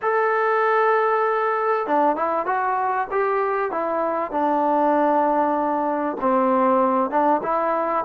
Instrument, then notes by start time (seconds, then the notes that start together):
trombone
0.01 A4
1.87 D4
2.15 E4
2.45 F#4
3.11 G4
3.71 E4
4.31 D4
6.21 C4
7.10 D4
7.42 E4